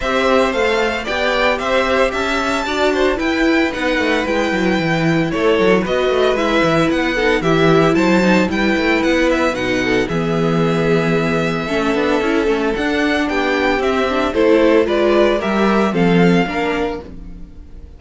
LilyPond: <<
  \new Staff \with { instrumentName = "violin" } { \time 4/4 \tempo 4 = 113 e''4 f''4 g''4 e''4 | a''2 g''4 fis''4 | g''2 cis''4 dis''4 | e''4 fis''4 e''4 a''4 |
g''4 fis''8 e''8 fis''4 e''4~ | e''1 | fis''4 g''4 e''4 c''4 | d''4 e''4 f''2 | }
  \new Staff \with { instrumentName = "violin" } { \time 4/4 c''2 d''4 c''4 | e''4 d''8 c''8 b'2~ | b'2 a'4 b'4~ | b'4. a'8 g'4 c''4 |
b'2~ b'8 a'8 gis'4~ | gis'2 a'2~ | a'4 g'2 a'4 | b'4 ais'4 a'4 ais'4 | }
  \new Staff \with { instrumentName = "viola" } { \time 4/4 g'4 a'4 g'2~ | g'4 fis'4 e'4 dis'4 | e'2. fis'4 | e'4. dis'8 e'4. dis'8 |
e'2 dis'4 b4~ | b2 cis'8 d'8 e'8 cis'8 | d'2 c'8 d'8 e'4 | f'4 g'4 c'4 d'4 | }
  \new Staff \with { instrumentName = "cello" } { \time 4/4 c'4 a4 b4 c'4 | cis'4 d'4 e'4 b8 a8 | gis8 fis8 e4 a8 fis8 b8 a8 | gis8 e8 b4 e4 fis4 |
g8 a8 b4 b,4 e4~ | e2 a8 b8 cis'8 a8 | d'4 b4 c'4 a4 | gis4 g4 f4 ais4 | }
>>